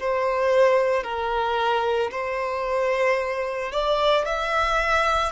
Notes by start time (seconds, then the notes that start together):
0.00 C5
1.04 A#4
2.11 C5
3.72 D5
4.25 E5